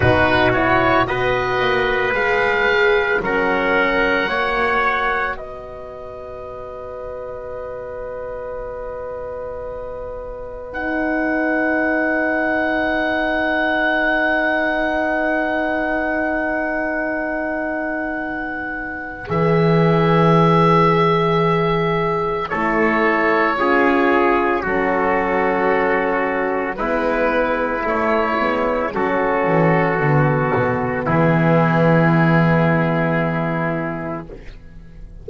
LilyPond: <<
  \new Staff \with { instrumentName = "oboe" } { \time 4/4 \tempo 4 = 56 b'8 cis''8 dis''4 f''4 fis''4~ | fis''4 dis''2.~ | dis''2 fis''2~ | fis''1~ |
fis''2 e''2~ | e''4 cis''2 a'4~ | a'4 b'4 cis''4 a'4~ | a'4 gis'2. | }
  \new Staff \with { instrumentName = "trumpet" } { \time 4/4 fis'4 b'2 ais'4 | cis''4 b'2.~ | b'1~ | b'1~ |
b'1~ | b'4 a'4 gis'4 fis'4~ | fis'4 e'2 fis'4~ | fis'4 e'2. | }
  \new Staff \with { instrumentName = "horn" } { \time 4/4 dis'8 e'8 fis'4 gis'4 cis'4 | fis'1~ | fis'2 dis'2~ | dis'1~ |
dis'2 gis'2~ | gis'4 e'4 f'4 cis'4~ | cis'4 b4 a8 b8 cis'4 | b1 | }
  \new Staff \with { instrumentName = "double bass" } { \time 4/4 b,4 b8 ais8 gis4 fis4 | ais4 b2.~ | b1~ | b1~ |
b2 e2~ | e4 a4 cis'4 fis4~ | fis4 gis4 a8 gis8 fis8 e8 | d8 b,8 e2. | }
>>